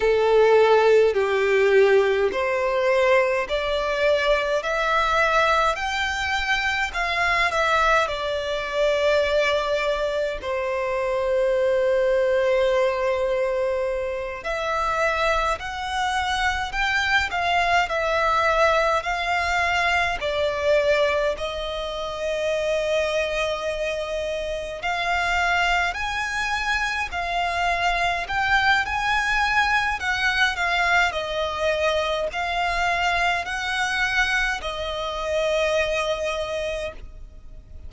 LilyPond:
\new Staff \with { instrumentName = "violin" } { \time 4/4 \tempo 4 = 52 a'4 g'4 c''4 d''4 | e''4 g''4 f''8 e''8 d''4~ | d''4 c''2.~ | c''8 e''4 fis''4 g''8 f''8 e''8~ |
e''8 f''4 d''4 dis''4.~ | dis''4. f''4 gis''4 f''8~ | f''8 g''8 gis''4 fis''8 f''8 dis''4 | f''4 fis''4 dis''2 | }